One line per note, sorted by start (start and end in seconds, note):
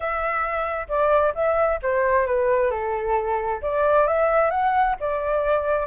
0.00 0.87 E5
0.88 1.33 D5
1.34 1.79 E5
1.82 2.26 C5
2.26 2.70 B4
2.70 3.60 A4
3.62 4.07 D5
4.07 4.50 E5
4.50 4.95 F#5
5.00 5.86 D5